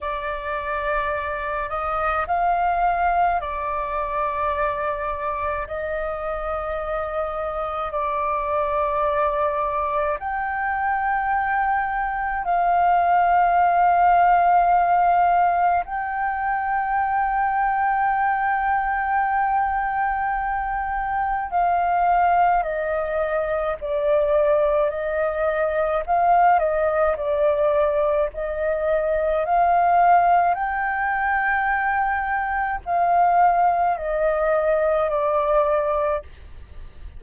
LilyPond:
\new Staff \with { instrumentName = "flute" } { \time 4/4 \tempo 4 = 53 d''4. dis''8 f''4 d''4~ | d''4 dis''2 d''4~ | d''4 g''2 f''4~ | f''2 g''2~ |
g''2. f''4 | dis''4 d''4 dis''4 f''8 dis''8 | d''4 dis''4 f''4 g''4~ | g''4 f''4 dis''4 d''4 | }